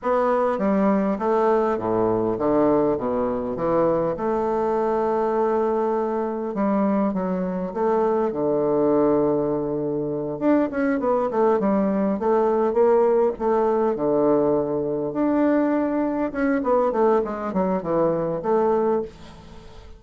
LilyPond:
\new Staff \with { instrumentName = "bassoon" } { \time 4/4 \tempo 4 = 101 b4 g4 a4 a,4 | d4 b,4 e4 a4~ | a2. g4 | fis4 a4 d2~ |
d4. d'8 cis'8 b8 a8 g8~ | g8 a4 ais4 a4 d8~ | d4. d'2 cis'8 | b8 a8 gis8 fis8 e4 a4 | }